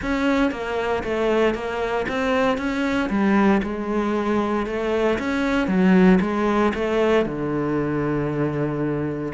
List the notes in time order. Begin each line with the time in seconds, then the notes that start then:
0.02 C#4
0.51 A#3
1.03 A3
1.54 A#3
2.08 C4
2.57 C#4
3.09 G3
3.63 G#3
4.66 A3
5.19 C#4
5.67 F#3
6.21 G#3
6.74 A3
7.25 D3